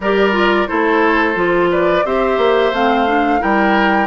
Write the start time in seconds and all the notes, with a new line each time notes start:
0.00 G3 G4 A#4 D5
0.32 F4
0.67 A3 E4 A4 C5
1.34 F3 F4
1.71 B4 D5
2.05 C4 G4 C5 E5
2.37 A#3
2.72 A3 C4 F5
3.07 D4
3.39 G3 E4 A#4 G5